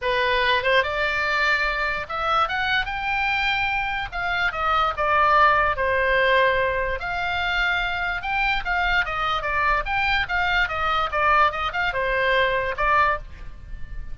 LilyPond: \new Staff \with { instrumentName = "oboe" } { \time 4/4 \tempo 4 = 146 b'4. c''8 d''2~ | d''4 e''4 fis''4 g''4~ | g''2 f''4 dis''4 | d''2 c''2~ |
c''4 f''2. | g''4 f''4 dis''4 d''4 | g''4 f''4 dis''4 d''4 | dis''8 f''8 c''2 d''4 | }